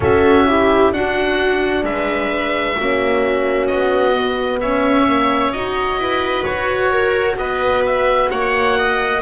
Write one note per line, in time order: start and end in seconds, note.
0.00 0.92 C#4
0.00 0.47 F#4
0.00 0.46 A4
0.00 0.92 E5
0.47 0.92 E4
0.47 0.93 G4
0.92 2.77 D4
0.92 1.82 D4
0.92 1.84 F#4
0.92 1.85 F#5
1.82 2.75 G#3
1.82 2.77 B4
1.82 3.66 E5
2.77 3.70 A#3
2.77 4.13 C#4
2.77 4.61 F#4
3.66 4.62 B3
3.66 4.59 D#5
4.13 5.05 B3
4.60 5.54 C#4
4.60 5.99 C#5
4.60 5.52 E5
5.06 5.52 A#3
5.52 5.97 D#4
5.52 9.22 F#4
5.52 6.44 D#5
5.97 6.43 E4
5.97 6.91 B4
6.44 7.37 F#4
6.44 7.36 C#5
6.91 7.37 A#4
7.37 8.29 B3
7.37 8.31 B4
7.37 7.83 D#5
7.85 8.30 E5
8.30 9.22 A#3
8.30 8.77 C#5
8.30 9.22 F#5
8.78 9.22 D#5